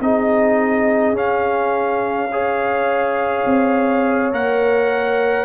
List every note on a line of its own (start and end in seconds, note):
0.00 1.13 C4
0.00 1.14 D#4
0.00 2.31 G#4
0.00 1.17 D#5
1.13 3.44 C#4
1.13 2.29 C#4
1.13 4.34 F5
2.31 4.32 G#4
2.31 5.45 C#5
3.46 4.31 C4
4.31 5.45 A#3
4.31 5.45 A#4
4.31 5.45 F#5